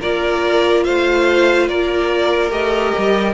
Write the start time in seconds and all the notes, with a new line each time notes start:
0.00 A#3 F4 A#4 D5
0.84 A3 C5 F5
1.68 A#3 A#4 D5
2.49 A3 G4 D#5
2.97 G3